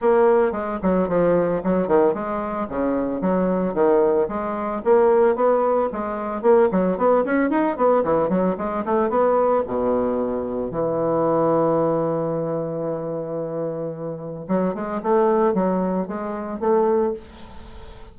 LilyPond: \new Staff \with { instrumentName = "bassoon" } { \time 4/4 \tempo 4 = 112 ais4 gis8 fis8 f4 fis8 dis8 | gis4 cis4 fis4 dis4 | gis4 ais4 b4 gis4 | ais8 fis8 b8 cis'8 dis'8 b8 e8 fis8 |
gis8 a8 b4 b,2 | e1~ | e2. fis8 gis8 | a4 fis4 gis4 a4 | }